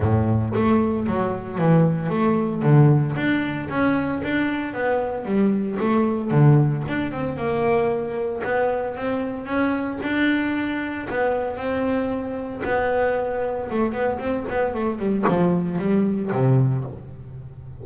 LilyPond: \new Staff \with { instrumentName = "double bass" } { \time 4/4 \tempo 4 = 114 a,4 a4 fis4 e4 | a4 d4 d'4 cis'4 | d'4 b4 g4 a4 | d4 d'8 c'8 ais2 |
b4 c'4 cis'4 d'4~ | d'4 b4 c'2 | b2 a8 b8 c'8 b8 | a8 g8 f4 g4 c4 | }